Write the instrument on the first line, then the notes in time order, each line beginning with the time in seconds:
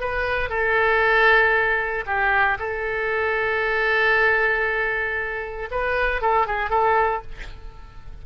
oboe
0.00 B4
0.50 A4
2.06 G4
2.59 A4
5.71 B4
6.21 A4
6.47 G#4
6.70 A4